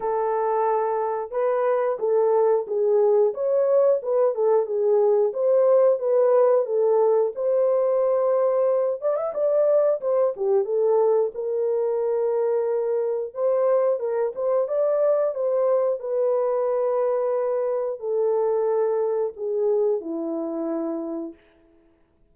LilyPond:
\new Staff \with { instrumentName = "horn" } { \time 4/4 \tempo 4 = 90 a'2 b'4 a'4 | gis'4 cis''4 b'8 a'8 gis'4 | c''4 b'4 a'4 c''4~ | c''4. d''16 e''16 d''4 c''8 g'8 |
a'4 ais'2. | c''4 ais'8 c''8 d''4 c''4 | b'2. a'4~ | a'4 gis'4 e'2 | }